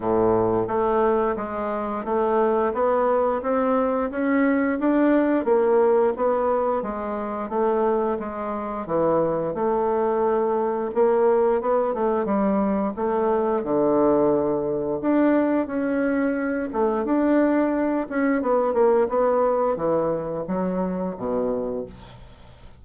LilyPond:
\new Staff \with { instrumentName = "bassoon" } { \time 4/4 \tempo 4 = 88 a,4 a4 gis4 a4 | b4 c'4 cis'4 d'4 | ais4 b4 gis4 a4 | gis4 e4 a2 |
ais4 b8 a8 g4 a4 | d2 d'4 cis'4~ | cis'8 a8 d'4. cis'8 b8 ais8 | b4 e4 fis4 b,4 | }